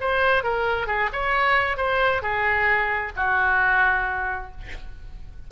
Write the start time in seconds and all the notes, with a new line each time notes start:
0.00 C5
0.43 A#4
0.87 G#4
1.12 C#5
1.77 C5
2.22 G#4
3.16 F#4